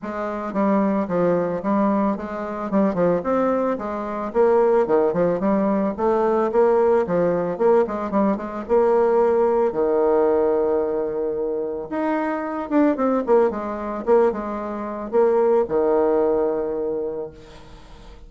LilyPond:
\new Staff \with { instrumentName = "bassoon" } { \time 4/4 \tempo 4 = 111 gis4 g4 f4 g4 | gis4 g8 f8 c'4 gis4 | ais4 dis8 f8 g4 a4 | ais4 f4 ais8 gis8 g8 gis8 |
ais2 dis2~ | dis2 dis'4. d'8 | c'8 ais8 gis4 ais8 gis4. | ais4 dis2. | }